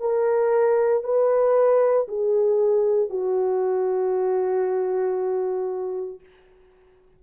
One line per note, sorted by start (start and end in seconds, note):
0.00 1.03 A#4
1.03 2.07 B4
2.08 3.09 G#4
3.09 6.20 F#4